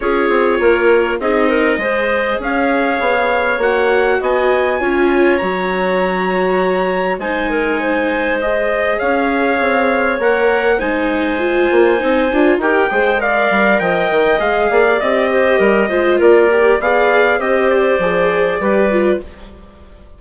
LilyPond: <<
  \new Staff \with { instrumentName = "trumpet" } { \time 4/4 \tempo 4 = 100 cis''2 dis''2 | f''2 fis''4 gis''4~ | gis''4 ais''2. | gis''2 dis''4 f''4~ |
f''4 fis''4 gis''2~ | gis''4 g''4 f''4 g''4 | f''4 dis''2 d''4 | f''4 dis''8 d''2~ d''8 | }
  \new Staff \with { instrumentName = "clarinet" } { \time 4/4 gis'4 ais'4 gis'8 ais'8 c''4 | cis''2. dis''4 | cis''1 | c''8 ais'8 c''2 cis''4~ |
cis''2 c''2~ | c''4 ais'8 c''8 d''4 dis''4~ | dis''8 d''4 c''8 ais'8 c''8 ais'4 | d''4 c''2 b'4 | }
  \new Staff \with { instrumentName = "viola" } { \time 4/4 f'2 dis'4 gis'4~ | gis'2 fis'2 | f'4 fis'2. | dis'2 gis'2~ |
gis'4 ais'4 dis'4 f'4 | dis'8 f'8 g'8 gis'8 ais'2 | gis'4 g'4. f'4 g'8 | gis'4 g'4 gis'4 g'8 f'8 | }
  \new Staff \with { instrumentName = "bassoon" } { \time 4/4 cis'8 c'8 ais4 c'4 gis4 | cis'4 b4 ais4 b4 | cis'4 fis2. | gis2. cis'4 |
c'4 ais4 gis4. ais8 | c'8 d'8 dis'8 gis4 g8 f8 dis8 | gis8 ais8 c'4 g8 gis8 ais4 | b4 c'4 f4 g4 | }
>>